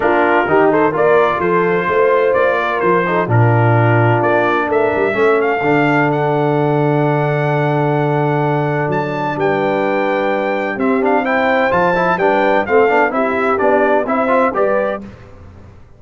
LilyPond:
<<
  \new Staff \with { instrumentName = "trumpet" } { \time 4/4 \tempo 4 = 128 ais'4. c''8 d''4 c''4~ | c''4 d''4 c''4 ais'4~ | ais'4 d''4 e''4. f''8~ | f''4 fis''2.~ |
fis''2. a''4 | g''2. e''8 f''8 | g''4 a''4 g''4 f''4 | e''4 d''4 e''4 d''4 | }
  \new Staff \with { instrumentName = "horn" } { \time 4/4 f'4 g'8 a'8 ais'4 a'4 | c''4. ais'4 a'8 f'4~ | f'2 ais'4 a'4~ | a'1~ |
a'1 | b'2. g'4 | c''2 b'4 a'4 | g'2 c''4 b'4 | }
  \new Staff \with { instrumentName = "trombone" } { \time 4/4 d'4 dis'4 f'2~ | f'2~ f'8 dis'8 d'4~ | d'2. cis'4 | d'1~ |
d'1~ | d'2. c'8 d'8 | e'4 f'8 e'8 d'4 c'8 d'8 | e'4 d'4 e'8 f'8 g'4 | }
  \new Staff \with { instrumentName = "tuba" } { \time 4/4 ais4 dis4 ais4 f4 | a4 ais4 f4 ais,4~ | ais,4 ais4 a8 g8 a4 | d1~ |
d2. fis4 | g2. c'4~ | c'4 f4 g4 a8 b8 | c'4 b4 c'4 g4 | }
>>